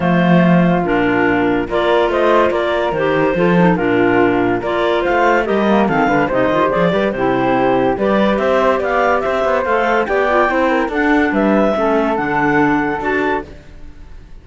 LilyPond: <<
  \new Staff \with { instrumentName = "clarinet" } { \time 4/4 \tempo 4 = 143 c''2 ais'2 | d''4 dis''4 d''4 c''4~ | c''4 ais'2 d''4 | f''4 dis''4 f''4 dis''4 |
d''4 c''2 d''4 | e''4 f''4 e''4 f''4 | g''2 fis''4 e''4~ | e''4 fis''2 a''4 | }
  \new Staff \with { instrumentName = "flute" } { \time 4/4 f'1 | ais'4 c''4 ais'2 | a'4 f'2 ais'4 | c''4 ais'4 a'8 b'8 c''4~ |
c''8 b'8 g'2 b'4 | c''4 d''4 c''2 | d''4 c''8 ais'8 a'4 b'4 | a'1 | }
  \new Staff \with { instrumentName = "clarinet" } { \time 4/4 a2 d'2 | f'2. g'4 | f'8 dis'8 d'2 f'4~ | f'4 g'8 ais8 c'8 d'8 dis'8 f'16 g'16 |
gis'8 g'8 e'2 g'4~ | g'2. a'4 | g'8 f'8 e'4 d'2 | cis'4 d'2 fis'4 | }
  \new Staff \with { instrumentName = "cello" } { \time 4/4 f2 ais,2 | ais4 a4 ais4 dis4 | f4 ais,2 ais4 | a4 g4 dis8 d8 c8 dis8 |
f8 g8 c2 g4 | c'4 b4 c'8 b8 a4 | b4 c'4 d'4 g4 | a4 d2 d'4 | }
>>